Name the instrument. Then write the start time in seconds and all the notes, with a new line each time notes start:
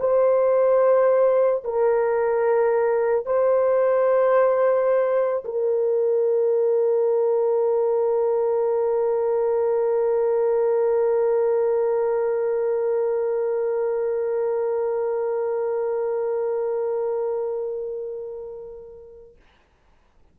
horn
0.00 C5
1.64 A#4
3.26 C5
5.45 A#4